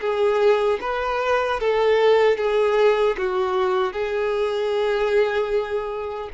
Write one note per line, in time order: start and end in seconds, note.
0.00 0.79 G#4
0.81 1.60 B4
1.60 2.37 A4
2.37 3.16 G#4
3.17 3.93 F#4
3.93 6.29 G#4